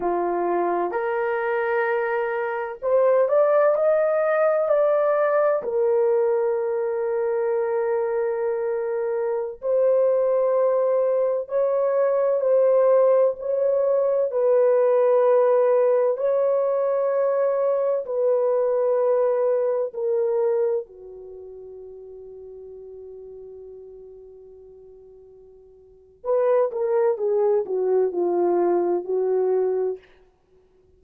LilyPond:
\new Staff \with { instrumentName = "horn" } { \time 4/4 \tempo 4 = 64 f'4 ais'2 c''8 d''8 | dis''4 d''4 ais'2~ | ais'2~ ais'16 c''4.~ c''16~ | c''16 cis''4 c''4 cis''4 b'8.~ |
b'4~ b'16 cis''2 b'8.~ | b'4~ b'16 ais'4 fis'4.~ fis'16~ | fis'1 | b'8 ais'8 gis'8 fis'8 f'4 fis'4 | }